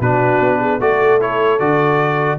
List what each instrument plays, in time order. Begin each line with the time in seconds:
0.00 tuba B2, trombone D4, horn F#4, trumpet B4
0.40 tuba B3
0.59 horn G#4
0.80 tuba A3, trombone F#4, horn A4, trumpet D5
1.20 trombone E4, trumpet C#5
1.59 tuba D3, trombone F#4, trumpet D5